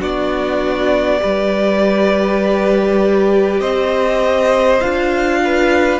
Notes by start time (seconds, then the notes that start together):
0.00 B3 D4 F#4 D5
1.19 G3 G4 B4
3.60 C4 C5 D#5
4.80 D4 F4 F5
5.44 B4